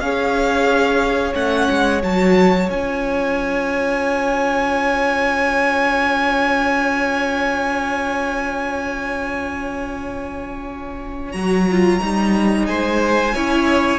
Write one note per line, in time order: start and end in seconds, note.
0.00 1.33 C#4
0.00 1.33 G#4
0.00 12.68 C#5
0.00 1.34 F5
1.33 1.68 A3
1.33 2.00 C#4
1.33 2.02 F#5
1.71 2.03 G#3
2.03 2.70 F#3
2.03 2.67 F#4
2.03 2.70 A5
2.67 11.34 C#4
2.67 11.33 F4
2.67 11.32 G#5
11.32 12.01 F#3
11.32 11.67 F#4
11.32 12.65 A#5
11.71 12.00 F4
12.00 12.68 G3
12.00 13.34 D#4
12.66 13.35 G#3
12.66 13.34 C5
12.66 13.99 G#5
13.34 13.99 C#4
13.34 13.99 E4
13.34 13.99 C#5